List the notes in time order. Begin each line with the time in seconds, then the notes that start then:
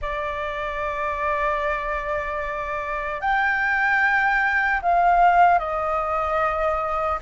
0.01 D5
3.20 G5
4.82 F5
5.59 D#5